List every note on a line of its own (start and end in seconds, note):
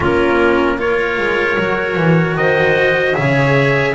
0.00 1.18 A#3
0.00 0.78 C#4
0.00 0.76 F4
0.00 0.80 A#4
0.78 1.57 F4
0.78 2.37 A#4
0.78 2.37 C#5
1.18 1.57 G#3
1.58 1.96 F#3
1.58 3.14 F#4
1.96 2.35 E3
2.35 3.13 D#3
2.35 3.17 C5
2.35 3.15 D#5
3.14 3.94 C#3
3.14 3.93 G#4
3.14 3.94 C#5
3.14 3.94 E5